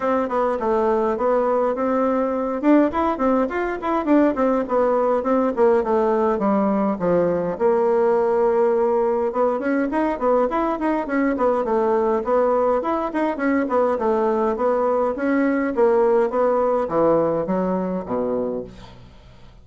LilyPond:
\new Staff \with { instrumentName = "bassoon" } { \time 4/4 \tempo 4 = 103 c'8 b8 a4 b4 c'4~ | c'8 d'8 e'8 c'8 f'8 e'8 d'8 c'8 | b4 c'8 ais8 a4 g4 | f4 ais2. |
b8 cis'8 dis'8 b8 e'8 dis'8 cis'8 b8 | a4 b4 e'8 dis'8 cis'8 b8 | a4 b4 cis'4 ais4 | b4 e4 fis4 b,4 | }